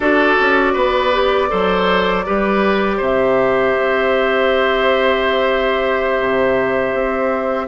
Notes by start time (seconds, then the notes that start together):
0.00 D4 F#4 A4 D5
0.40 C#4
0.73 B3 B4
1.12 G4
1.49 F#3 A4 C5
2.25 G3 G4 B4
2.97 C3 C5
3.03 E5
3.76 C4
6.20 C3
6.93 C4